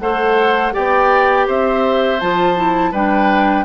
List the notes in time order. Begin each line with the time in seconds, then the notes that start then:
0.00 A3 A4 C5 F#5
0.72 B3 G4 D5 G5
1.47 C4 C5 E5
2.20 F3 F4 A5
2.56 E4
2.92 G3 D4 B4 G5